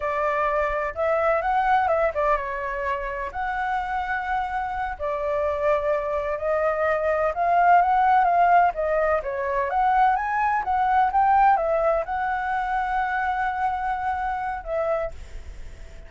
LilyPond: \new Staff \with { instrumentName = "flute" } { \time 4/4 \tempo 4 = 127 d''2 e''4 fis''4 | e''8 d''8 cis''2 fis''4~ | fis''2~ fis''8 d''4.~ | d''4. dis''2 f''8~ |
f''8 fis''4 f''4 dis''4 cis''8~ | cis''8 fis''4 gis''4 fis''4 g''8~ | g''8 e''4 fis''2~ fis''8~ | fis''2. e''4 | }